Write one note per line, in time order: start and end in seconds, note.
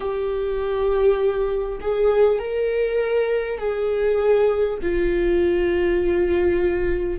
0.00 1.78 G4
1.80 2.38 G#4
2.38 3.58 A#4
3.58 4.78 G#4
4.82 7.19 F4